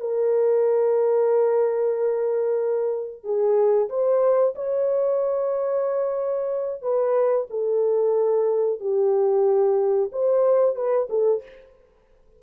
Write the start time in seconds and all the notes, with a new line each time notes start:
0.00 A#4
3.24 G#4
3.90 C5
4.55 C#5
6.82 B4
7.50 A4
8.80 G4
10.12 C5
10.76 B4
11.10 A4